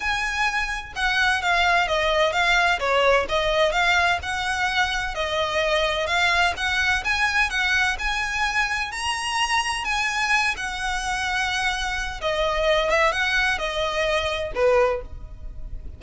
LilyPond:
\new Staff \with { instrumentName = "violin" } { \time 4/4 \tempo 4 = 128 gis''2 fis''4 f''4 | dis''4 f''4 cis''4 dis''4 | f''4 fis''2 dis''4~ | dis''4 f''4 fis''4 gis''4 |
fis''4 gis''2 ais''4~ | ais''4 gis''4. fis''4.~ | fis''2 dis''4. e''8 | fis''4 dis''2 b'4 | }